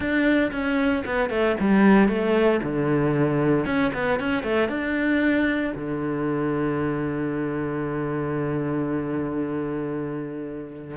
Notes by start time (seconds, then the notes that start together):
0.00 D4
0.51 C#4
1.05 B3
1.29 A3
1.60 G3
2.08 A3
2.63 D3
3.65 C#4
3.93 B3
4.19 C#4
4.43 A3
4.68 D4
5.75 D3